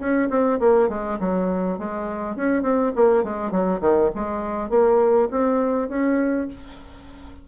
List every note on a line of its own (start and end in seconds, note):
0.00 0.29 C#4
0.30 0.59 C4
0.60 0.89 A#3
0.89 1.19 G#3
1.20 1.79 F#3
1.79 2.36 G#3
2.36 2.63 C#4
2.63 2.92 C4
2.96 3.24 A#3
3.24 3.51 G#3
3.51 3.81 F#3
3.81 4.10 D#3
4.15 4.70 G#3
4.70 5.29 A#3
5.31 5.89 C4
5.89 6.48 C#4